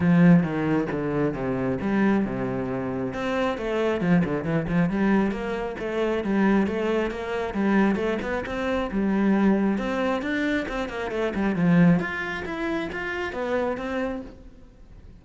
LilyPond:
\new Staff \with { instrumentName = "cello" } { \time 4/4 \tempo 4 = 135 f4 dis4 d4 c4 | g4 c2 c'4 | a4 f8 d8 e8 f8 g4 | ais4 a4 g4 a4 |
ais4 g4 a8 b8 c'4 | g2 c'4 d'4 | c'8 ais8 a8 g8 f4 f'4 | e'4 f'4 b4 c'4 | }